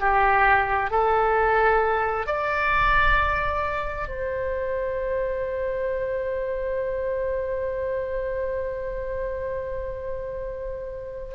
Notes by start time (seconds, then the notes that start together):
0.00 G4
0.91 A4
2.27 D5
4.09 C5